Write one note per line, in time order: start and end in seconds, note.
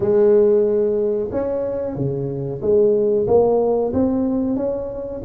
0.00 1.30 G#3
1.31 1.95 C#4
1.95 2.61 C#3
2.61 3.26 G#3
3.27 3.92 A#3
3.93 4.56 C4
4.56 5.21 C#4